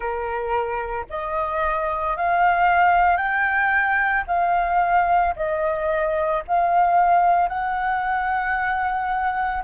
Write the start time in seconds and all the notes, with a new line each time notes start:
0.00 A#4
1.10 D#5
2.17 F5
3.17 G5
4.27 F5
5.36 D#5
6.47 F5
7.48 F#5